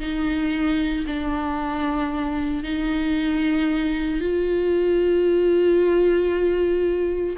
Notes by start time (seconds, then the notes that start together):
0.00 D#4
1.07 D4
2.64 D#4
4.21 F4